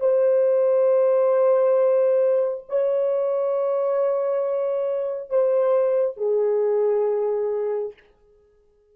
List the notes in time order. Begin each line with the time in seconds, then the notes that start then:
0.00 C5
2.69 C#5
5.30 C5
6.17 G#4